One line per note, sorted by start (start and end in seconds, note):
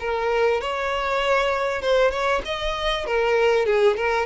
0.00 0.61 A#4
0.62 1.82 C#5
1.82 2.12 C5
2.12 2.42 C#5
2.45 3.07 D#5
3.07 3.66 A#4
3.66 3.97 G#4
3.97 4.26 A#4